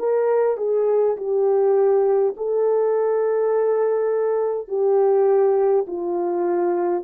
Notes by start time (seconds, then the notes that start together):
0.00 A#4
0.58 G#4
1.18 G4
2.37 A4
4.68 G4
5.88 F4